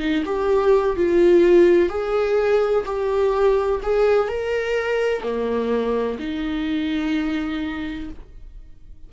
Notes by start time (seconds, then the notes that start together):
0.00 D#4
0.26 G4
0.97 F4
1.90 G#4
2.86 G4
3.83 G#4
4.29 A#4
5.23 A#3
6.19 D#4